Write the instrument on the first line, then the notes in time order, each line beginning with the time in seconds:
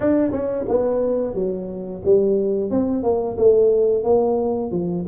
tuba
0.00 D4
0.31 C#4
0.68 B3
1.34 F#3
2.04 G3
2.70 C4
3.03 A#3
3.37 A3
4.03 A#3
4.71 F3